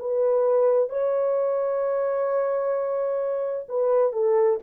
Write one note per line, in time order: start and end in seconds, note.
0.00 0.90 B4
0.90 3.67 C#5
3.69 4.13 B4
4.13 4.59 A4